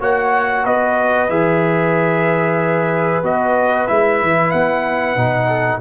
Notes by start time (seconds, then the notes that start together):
0.00 A#3 F#4 C#5 F#5
0.65 B3 B4 D#5
1.30 E3 G#4 E5
3.24 B3 F#4 D#5
3.88 G#3 E4 E5
4.23 E3
4.52 B3 F#5
5.17 B2 D#4
5.48 A4